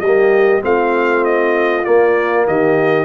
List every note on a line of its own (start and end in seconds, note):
0.00 0.61 G3
0.00 0.60 A#3
0.00 0.64 G4
0.00 0.61 D#5
0.60 1.86 A3
0.60 1.83 C4
0.60 2.47 F4
0.60 1.24 F5
1.24 1.84 D#5
1.84 3.05 A#3
1.84 2.47 A#3
1.84 2.46 D5
2.47 3.05 D#3
2.47 3.05 G4
2.47 3.05 D#5